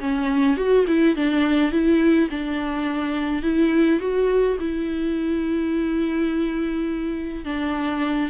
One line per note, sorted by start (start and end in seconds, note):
0.00 0.57 C#4
0.57 0.85 F#4
0.87 1.16 E4
1.16 1.72 D4
1.72 2.29 E4
2.30 3.42 D4
3.42 3.99 E4
4.00 4.57 F#4
4.60 7.45 E4
7.45 8.30 D4